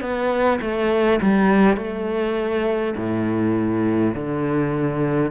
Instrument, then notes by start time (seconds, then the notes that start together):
cello
0.00 B3
0.61 A3
1.21 G3
1.76 A3
2.96 A2
4.14 D3